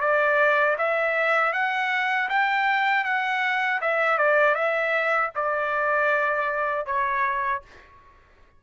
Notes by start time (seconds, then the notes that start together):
0.00 D5
0.78 E5
1.53 F#5
2.29 G5
3.04 F#5
3.81 E5
4.18 D5
4.54 E5
5.35 D5
6.86 C#5